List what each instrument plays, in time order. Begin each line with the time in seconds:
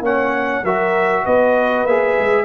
0.00 tuba A#3, trombone C#4, horn C#5, trumpet F#5
0.63 tuba F#3, trombone F#4, horn A#4, trumpet E5
1.24 tuba B3, horn B4, trumpet D#5
1.85 tuba A#3, trombone G#4, trumpet E5
2.18 tuba G#3